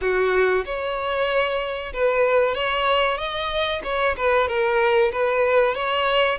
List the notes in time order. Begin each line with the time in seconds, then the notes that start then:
0.01 F#4
0.65 C#5
1.93 B4
2.54 C#5
3.17 D#5
3.83 C#5
4.16 B4
4.47 A#4
5.12 B4
5.74 C#5